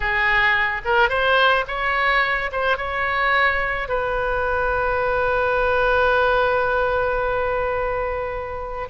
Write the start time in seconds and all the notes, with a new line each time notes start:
0.00 G#4
0.85 A#4
1.09 C5
1.67 C#5
2.52 C5
2.77 C#5
3.88 B4